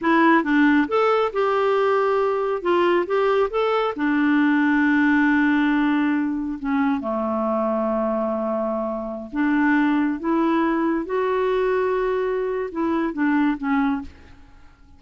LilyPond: \new Staff \with { instrumentName = "clarinet" } { \time 4/4 \tempo 4 = 137 e'4 d'4 a'4 g'4~ | g'2 f'4 g'4 | a'4 d'2.~ | d'2. cis'4 |
a1~ | a4~ a16 d'2 e'8.~ | e'4~ e'16 fis'2~ fis'8.~ | fis'4 e'4 d'4 cis'4 | }